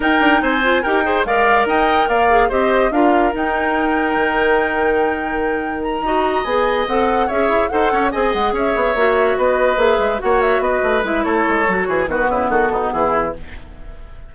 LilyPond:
<<
  \new Staff \with { instrumentName = "flute" } { \time 4/4 \tempo 4 = 144 g''4 gis''4 g''4 f''4 | g''4 f''4 dis''4 f''4 | g''1~ | g''2 ais''4. gis''8~ |
gis''8 fis''4 e''4 fis''4 gis''8 | fis''8 e''2 dis''4 e''8~ | e''8 fis''8 e''8 dis''4 e''8 cis''4~ | cis''4 b'4 a'4 gis'4 | }
  \new Staff \with { instrumentName = "oboe" } { \time 4/4 ais'4 c''4 ais'8 c''8 d''4 | dis''4 d''4 c''4 ais'4~ | ais'1~ | ais'2~ ais'8 dis''4.~ |
dis''4. cis''4 c''8 cis''8 dis''8~ | dis''8 cis''2 b'4.~ | b'8 cis''4 b'4. a'4~ | a'8 gis'8 fis'8 e'8 fis'8 dis'8 e'4 | }
  \new Staff \with { instrumentName = "clarinet" } { \time 4/4 dis'4. f'8 g'8 gis'8 ais'4~ | ais'4. gis'8 g'4 f'4 | dis'1~ | dis'2~ dis'8 fis'4 gis'8~ |
gis'8 a'4 gis'4 a'4 gis'8~ | gis'4. fis'2 gis'8~ | gis'8 fis'2 e'4. | fis'4 b2. | }
  \new Staff \with { instrumentName = "bassoon" } { \time 4/4 dis'8 d'8 c'4 dis'4 gis4 | dis'4 ais4 c'4 d'4 | dis'2 dis2~ | dis2~ dis8 dis'4 b8~ |
b8 c'4 cis'8 e'8 dis'8 cis'8 c'8 | gis8 cis'8 b8 ais4 b4 ais8 | gis8 ais4 b8 a8 gis8 a8 gis8 | fis8 e8 dis8 cis8 dis8 b,8 e4 | }
>>